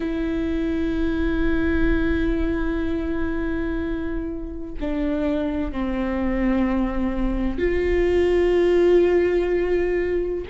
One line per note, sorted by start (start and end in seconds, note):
0.00 4.74 E4
4.80 5.71 D4
5.71 7.58 C4
7.58 10.44 F4